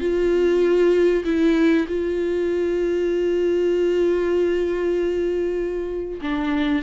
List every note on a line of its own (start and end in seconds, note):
0.00 1.24 F4
1.25 1.87 E4
1.88 6.21 F4
6.21 6.82 D4